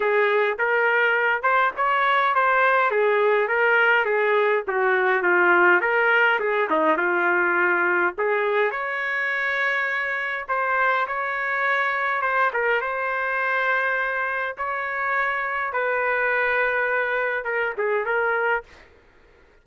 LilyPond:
\new Staff \with { instrumentName = "trumpet" } { \time 4/4 \tempo 4 = 103 gis'4 ais'4. c''8 cis''4 | c''4 gis'4 ais'4 gis'4 | fis'4 f'4 ais'4 gis'8 dis'8 | f'2 gis'4 cis''4~ |
cis''2 c''4 cis''4~ | cis''4 c''8 ais'8 c''2~ | c''4 cis''2 b'4~ | b'2 ais'8 gis'8 ais'4 | }